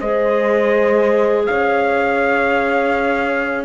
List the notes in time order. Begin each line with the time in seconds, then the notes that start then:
0.00 G#3 G#4 C5 D#5
1.46 C#4 C#5 F5